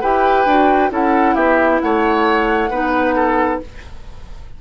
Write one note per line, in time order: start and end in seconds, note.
0.00 0.45 E4
0.00 0.47 G4
0.00 0.90 B4
0.00 0.91 G5
0.45 0.90 D4
0.45 0.90 F#4
0.90 1.35 C#4
0.90 2.69 E4
0.90 1.34 A4
0.90 1.35 F#5
1.34 1.80 B3
1.34 1.79 G4
1.34 1.80 E5
1.81 2.70 A3
1.81 2.70 C#5
1.81 3.60 F#5
2.70 3.59 B3
2.70 3.61 D#4
2.70 3.15 B4
3.15 3.60 A4